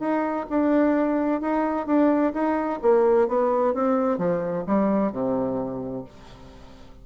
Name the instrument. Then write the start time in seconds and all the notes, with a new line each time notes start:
bassoon
0.00 D#4
0.50 D4
1.41 D#4
1.87 D4
2.34 D#4
2.82 A#3
3.28 B3
3.74 C4
4.18 F3
4.66 G3
5.12 C3